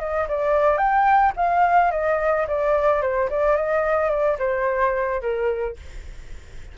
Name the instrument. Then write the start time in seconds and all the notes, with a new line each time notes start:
flute
0.00 D#5
0.28 D5
0.78 G5
1.36 F5
1.91 D#5
2.48 D5
3.02 C5
3.30 D5
3.57 D#5
4.10 D5
4.39 C5
5.21 A#4